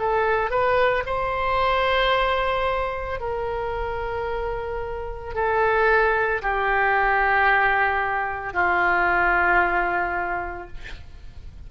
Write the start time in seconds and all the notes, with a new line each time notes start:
0.00 A4
0.51 B4
1.06 C5
3.20 A#4
5.35 A4
6.42 G4
8.54 F4